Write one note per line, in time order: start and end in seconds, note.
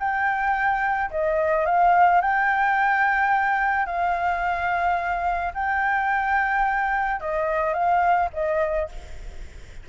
0.00 1.11 G5
1.11 1.66 D#5
1.66 2.21 F5
2.21 3.87 G5
3.87 5.53 F5
5.55 7.21 G5
7.21 7.74 D#5
7.74 8.30 F5
8.34 8.89 D#5